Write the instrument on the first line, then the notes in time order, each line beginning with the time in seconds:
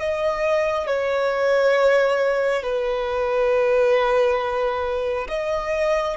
violin
0.00 D#5
0.87 C#5
2.64 B4
5.29 D#5